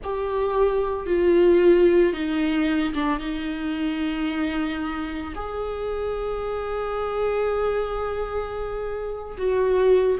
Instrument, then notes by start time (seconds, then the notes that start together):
viola
0.03 G4
1.06 F4
2.13 D#4
2.94 D4
3.19 D#4
5.35 G#4
9.37 F#4